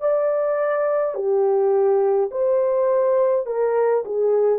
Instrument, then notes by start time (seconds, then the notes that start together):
horn
0.00 D5
1.15 G4
2.31 C5
3.46 A#4
4.05 G#4